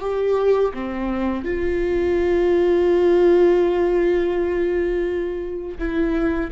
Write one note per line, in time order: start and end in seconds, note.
0.00 0.72 G4
0.73 1.44 C4
1.44 5.78 F4
5.79 6.51 E4